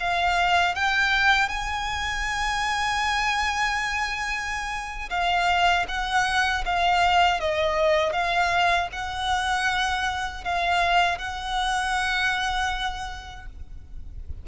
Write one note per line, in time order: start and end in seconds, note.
0.00 0.75 F5
0.75 1.49 G5
1.49 5.10 G#5
5.10 5.86 F5
5.89 6.65 F#5
6.66 7.41 F5
7.41 8.13 D#5
8.13 8.89 F5
8.92 10.44 F#5
10.44 11.19 F5
11.19 13.46 F#5